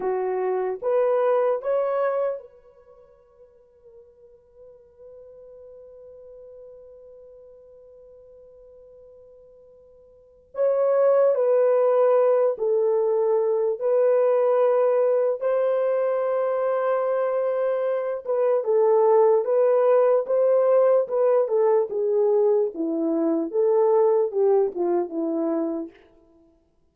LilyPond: \new Staff \with { instrumentName = "horn" } { \time 4/4 \tempo 4 = 74 fis'4 b'4 cis''4 b'4~ | b'1~ | b'1~ | b'4 cis''4 b'4. a'8~ |
a'4 b'2 c''4~ | c''2~ c''8 b'8 a'4 | b'4 c''4 b'8 a'8 gis'4 | e'4 a'4 g'8 f'8 e'4 | }